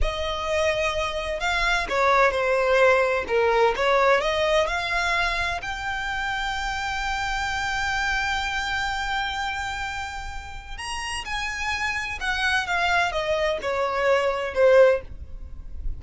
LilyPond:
\new Staff \with { instrumentName = "violin" } { \time 4/4 \tempo 4 = 128 dis''2. f''4 | cis''4 c''2 ais'4 | cis''4 dis''4 f''2 | g''1~ |
g''1~ | g''2. ais''4 | gis''2 fis''4 f''4 | dis''4 cis''2 c''4 | }